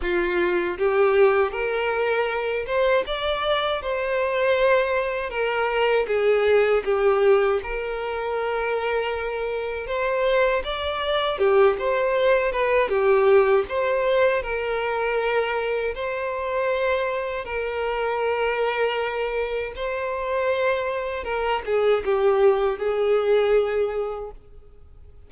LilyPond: \new Staff \with { instrumentName = "violin" } { \time 4/4 \tempo 4 = 79 f'4 g'4 ais'4. c''8 | d''4 c''2 ais'4 | gis'4 g'4 ais'2~ | ais'4 c''4 d''4 g'8 c''8~ |
c''8 b'8 g'4 c''4 ais'4~ | ais'4 c''2 ais'4~ | ais'2 c''2 | ais'8 gis'8 g'4 gis'2 | }